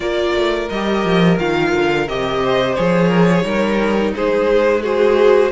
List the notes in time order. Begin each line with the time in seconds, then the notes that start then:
0.00 A#3 F4 A#4 D5
0.34 A3
0.69 G3 G4 D#5
1.04 F3
1.37 D#3 F4 F5
1.74 D3
2.07 C3 G4 D#5
2.43 C5
2.74 F3 G#4 C#5
3.08 A#4
3.30 G#4
3.42 G3 D#4 A#4
4.14 G#3 G#4 C5
4.82 F#4 G#4 C5